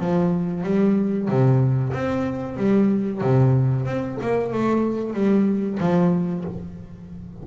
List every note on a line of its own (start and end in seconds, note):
0.00 0.64 F3
0.64 1.29 G3
1.29 1.94 C3
1.94 2.57 C4
2.57 3.22 G3
3.22 3.86 C3
3.86 4.18 C4
4.22 4.53 A#3
4.53 5.14 A3
5.14 5.79 G3
5.81 6.45 F3